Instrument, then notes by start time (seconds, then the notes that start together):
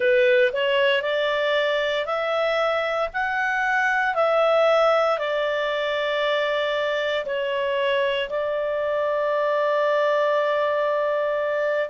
clarinet
0.00 B4
0.53 C#5
1.02 D5
2.05 E5
3.13 F#5
4.14 E5
5.18 D5
7.25 C#5
8.29 D5